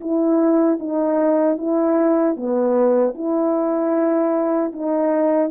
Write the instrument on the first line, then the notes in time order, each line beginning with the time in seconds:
horn
0.00 E4
0.79 D#4
1.58 E4
2.36 B3
3.14 E4
4.72 D#4